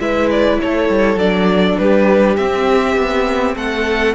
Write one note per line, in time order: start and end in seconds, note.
0.00 0.59 G#3
0.00 1.19 E4
0.00 0.61 B4
0.00 0.30 E5
0.31 0.61 D5
0.61 0.90 A3
0.61 1.81 A4
0.61 1.19 C#5
0.90 1.16 G3
1.16 1.75 F#3
1.16 2.38 D4
1.16 1.79 D5
1.79 2.38 G3
1.79 3.57 G4
1.79 2.37 B4
2.37 2.96 C4
2.37 4.16 C4
2.37 3.56 E5
2.96 3.56 B3
3.56 4.16 A3
3.56 4.16 A4
3.56 4.16 F#5